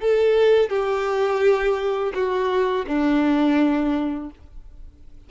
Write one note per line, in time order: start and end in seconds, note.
0.00 0.69 A4
0.69 2.12 G4
2.14 2.85 F#4
2.87 4.30 D4